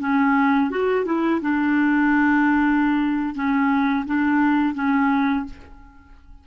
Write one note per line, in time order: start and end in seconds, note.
0.00 0.71 C#4
0.71 1.06 F#4
1.06 1.41 E4
1.41 3.35 D4
3.35 4.06 C#4
4.06 4.75 D4
4.75 5.45 C#4